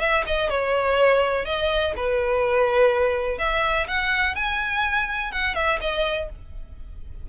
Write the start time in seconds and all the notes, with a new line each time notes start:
0.00 E5
0.26 D#5
0.49 C#5
1.45 D#5
1.96 B4
3.38 E5
3.88 F#5
4.35 G#5
5.32 F#5
5.55 E5
5.81 D#5